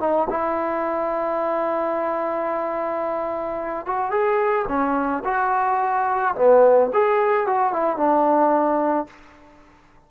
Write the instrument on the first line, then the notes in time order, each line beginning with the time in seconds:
trombone
0.00 D#4
0.30 E4
3.86 F#4
4.11 G#4
4.68 C#4
5.25 F#4
6.35 B3
6.93 G#4
7.47 F#4
7.73 E4
7.97 D4